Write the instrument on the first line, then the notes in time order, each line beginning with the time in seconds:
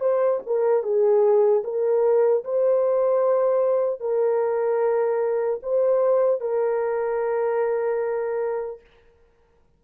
horn
0.00 C5
0.46 A#4
0.83 G#4
1.64 A#4
2.44 C5
4.00 A#4
5.62 C5
6.41 A#4